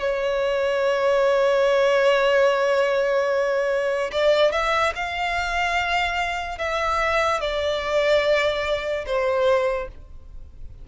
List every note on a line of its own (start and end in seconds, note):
0.00 4.11 C#5
4.12 4.52 D5
4.52 4.93 E5
4.96 6.59 F5
6.59 7.41 E5
7.41 9.05 D5
9.06 9.89 C5